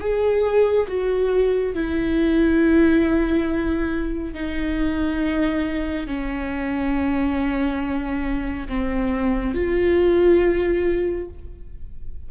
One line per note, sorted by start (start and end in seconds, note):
0.00 0.87 G#4
0.88 1.74 F#4
1.74 4.34 E4
4.34 6.07 D#4
6.07 8.68 C#4
8.68 9.54 C4
9.54 11.28 F4